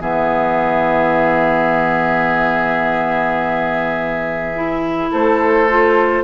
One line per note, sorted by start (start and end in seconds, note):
0.00 5.09 E3
0.00 4.53 B3
0.00 5.10 G#4
0.00 5.12 E5
4.54 5.68 E4
5.11 6.24 A3
5.11 6.24 A4
5.11 6.24 C5
5.69 6.24 F4